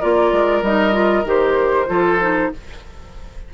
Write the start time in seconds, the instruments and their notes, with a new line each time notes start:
0.00 bassoon A#3, clarinet F4, oboe A#4, flute D5
0.32 bassoon G#3
0.62 bassoon G3, clarinet D#4, flute D#5
0.92 clarinet F4
1.24 bassoon D#3, clarinet G4, flute C5
1.87 bassoon F3, clarinet F4, oboe A4
2.21 clarinet D#4